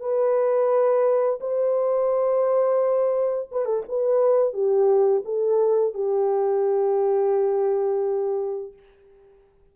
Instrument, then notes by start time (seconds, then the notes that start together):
horn
0.00 B4
1.40 C5
3.52 B4
3.65 A4
3.88 B4
4.53 G4
5.25 A4
5.94 G4